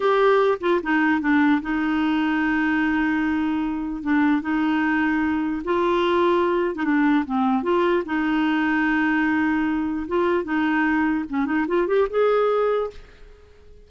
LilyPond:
\new Staff \with { instrumentName = "clarinet" } { \time 4/4 \tempo 4 = 149 g'4. f'8 dis'4 d'4 | dis'1~ | dis'2 d'4 dis'4~ | dis'2 f'2~ |
f'8. dis'16 d'4 c'4 f'4 | dis'1~ | dis'4 f'4 dis'2 | cis'8 dis'8 f'8 g'8 gis'2 | }